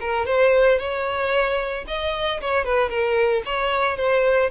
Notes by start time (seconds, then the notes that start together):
0.00 A#4
0.25 C5
0.78 C#5
1.87 D#5
2.41 C#5
2.65 B4
2.89 A#4
3.45 C#5
3.97 C5